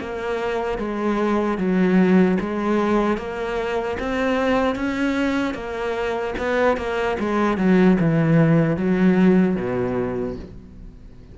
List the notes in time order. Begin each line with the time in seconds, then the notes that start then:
0.00 A#3
0.79 G#3
1.58 F#3
2.41 G#3
3.18 A#3
4.00 C4
4.76 C#4
5.55 A#3
6.39 B3
6.77 A#3
7.20 G#3
7.58 F#3
8.00 E3
8.77 F#3
9.56 B2